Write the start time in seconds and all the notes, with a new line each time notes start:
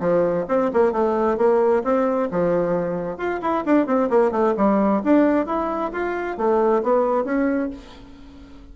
0.00 F3
0.48 C4
0.73 A#3
0.92 A3
1.37 A#3
1.83 C4
2.31 F3
3.17 F4
3.42 E4
3.66 D4
3.86 C4
4.10 A#3
4.31 A3
4.57 G3
5.04 D4
5.46 E4
5.92 F4
6.37 A3
6.83 B3
7.24 C#4